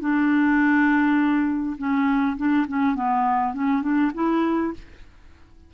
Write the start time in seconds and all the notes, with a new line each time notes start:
0.00 D4
1.78 C#4
2.37 D4
2.68 C#4
2.95 B3
3.53 C#4
3.82 D4
4.14 E4